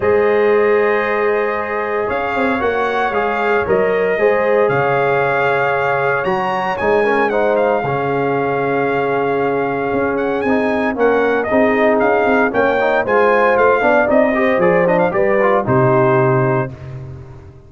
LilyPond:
<<
  \new Staff \with { instrumentName = "trumpet" } { \time 4/4 \tempo 4 = 115 dis''1 | f''4 fis''4 f''4 dis''4~ | dis''4 f''2. | ais''4 gis''4 fis''8 f''4.~ |
f''2.~ f''8 fis''8 | gis''4 fis''4 dis''4 f''4 | g''4 gis''4 f''4 dis''4 | d''8 dis''16 f''16 d''4 c''2 | }
  \new Staff \with { instrumentName = "horn" } { \time 4/4 c''1 | cis''1 | c''4 cis''2.~ | cis''4. ais'8 c''4 gis'4~ |
gis'1~ | gis'4 ais'4 gis'2 | cis''4 c''4. d''4 c''8~ | c''4 b'4 g'2 | }
  \new Staff \with { instrumentName = "trombone" } { \time 4/4 gis'1~ | gis'4 fis'4 gis'4 ais'4 | gis'1 | fis'4 dis'8 cis'8 dis'4 cis'4~ |
cis'1 | dis'4 cis'4 dis'2 | cis'8 dis'8 f'4. d'8 dis'8 g'8 | gis'8 d'8 g'8 f'8 dis'2 | }
  \new Staff \with { instrumentName = "tuba" } { \time 4/4 gis1 | cis'8 c'8 ais4 gis4 fis4 | gis4 cis2. | fis4 gis2 cis4~ |
cis2. cis'4 | c'4 ais4 c'4 cis'8 c'8 | ais4 gis4 a8 b8 c'4 | f4 g4 c2 | }
>>